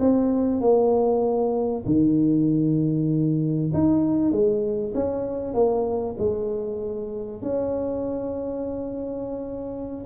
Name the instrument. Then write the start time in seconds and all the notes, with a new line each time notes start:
tuba
0.00 C4
0.61 A#3
1.86 D#3
3.74 D#4
4.32 G#3
4.95 C#4
5.54 A#3
6.19 G#3
7.42 C#4